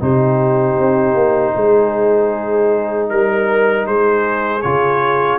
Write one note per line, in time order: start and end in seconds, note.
0.00 0.78 C3
0.00 4.62 D#4
0.00 1.55 G4
0.00 3.09 C5
0.79 1.15 C4
1.15 1.54 A#3
1.55 3.11 G#3
1.55 3.09 G#4
3.09 3.87 G3
3.09 3.86 A#4
3.09 3.87 A#4
3.87 4.64 G#3
3.87 5.39 G#4
3.87 4.62 C5
4.62 5.39 C#3
4.62 5.39 F4
4.62 5.39 C#5